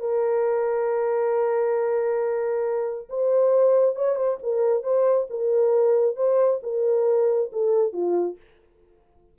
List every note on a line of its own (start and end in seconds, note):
0.00 3.09 A#4
3.09 3.96 C5
3.96 4.16 C#5
4.16 4.38 C5
4.43 4.83 A#4
4.83 5.27 C5
5.30 6.16 A#4
6.16 6.60 C5
6.63 7.51 A#4
7.52 7.93 A4
7.93 8.37 F4